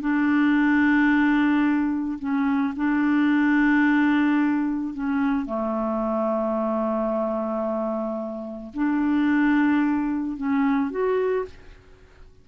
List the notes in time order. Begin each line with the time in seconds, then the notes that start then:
0.00 D4
2.19 C#4
2.76 D4
4.93 C#4
5.45 A3
8.73 D4
10.37 C#4
10.90 F#4